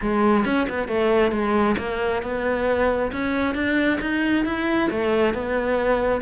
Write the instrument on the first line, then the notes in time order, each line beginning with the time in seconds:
cello
0.01 G#3
0.45 C#4
0.69 B3
0.88 A3
1.31 G#3
1.78 A#3
2.22 B3
3.12 C#4
3.54 D4
4.00 D#4
4.45 E4
4.90 A3
5.34 B3